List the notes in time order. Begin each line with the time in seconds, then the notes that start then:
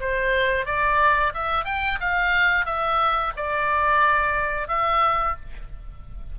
0.00 C5
0.65 D5
1.34 E5
1.65 G5
2.00 F5
2.65 E5
3.36 D5
4.68 E5